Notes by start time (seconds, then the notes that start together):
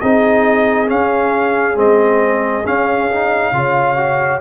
0.00 C4 D#4 G#4 D#5
0.87 C#4 F5
1.75 G#3 C4 D#5
2.65 C#4 F5
3.10 D#4
3.52 C#3 F4 C#5
3.96 F#4